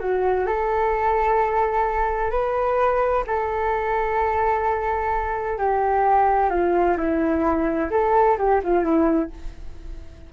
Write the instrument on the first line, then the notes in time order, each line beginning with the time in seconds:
flute
0.00 F#4
0.47 A4
2.31 B4
3.27 A4
5.58 G4
6.50 F4
6.97 E4
7.91 A4
8.38 G4
8.64 F4
8.84 E4